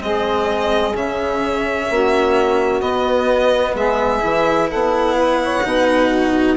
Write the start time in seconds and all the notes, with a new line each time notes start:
0.00 G#3 C4 G#4 D#5
0.95 C#3 C#4 E5
1.90 A#3 F#4
2.81 B3 D#5
3.74 G#3 G#4 E5
4.20 E3 E4
4.69 B3 A4 F#5
5.16 B4
5.43 C#5
5.63 B2 D#4 B4
6.09 F#4